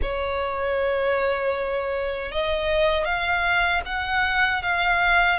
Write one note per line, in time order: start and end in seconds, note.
0.02 2.31 C#5
2.31 3.04 D#5
3.04 3.81 F5
3.85 4.62 F#5
4.62 5.39 F5